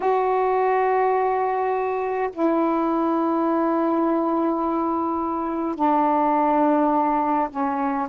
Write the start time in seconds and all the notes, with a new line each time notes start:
0.00 F#4
2.32 E4
5.75 D4
7.50 C#4